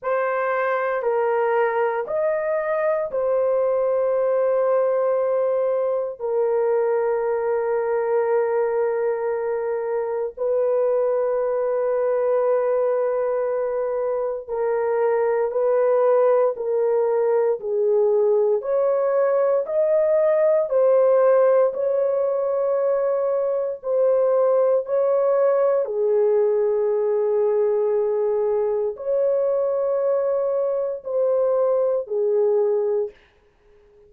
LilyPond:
\new Staff \with { instrumentName = "horn" } { \time 4/4 \tempo 4 = 58 c''4 ais'4 dis''4 c''4~ | c''2 ais'2~ | ais'2 b'2~ | b'2 ais'4 b'4 |
ais'4 gis'4 cis''4 dis''4 | c''4 cis''2 c''4 | cis''4 gis'2. | cis''2 c''4 gis'4 | }